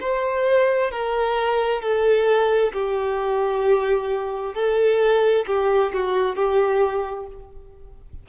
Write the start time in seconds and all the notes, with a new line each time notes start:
0.00 C5
0.91 A#4
1.81 A4
2.73 G4
4.55 A4
5.47 G4
5.93 F#4
6.36 G4